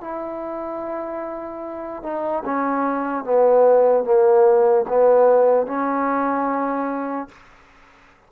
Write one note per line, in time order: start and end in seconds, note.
0.00 2.03 E4
2.03 2.43 D#4
2.45 3.24 C#4
3.24 4.04 B3
4.04 4.85 A#3
4.88 5.66 B3
5.66 7.28 C#4